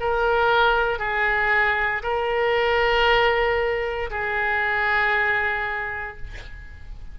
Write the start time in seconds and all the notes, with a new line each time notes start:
0.00 A#4
0.99 G#4
2.03 A#4
4.10 G#4